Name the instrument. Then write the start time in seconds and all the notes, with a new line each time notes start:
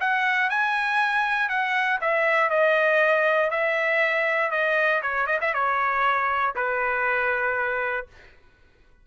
trumpet
0.00 F#5
0.50 G#5
1.49 F#5
2.01 E5
2.50 D#5
3.50 E5
4.51 D#5
5.02 C#5
5.26 D#5
5.41 E5
5.53 C#5
6.55 B4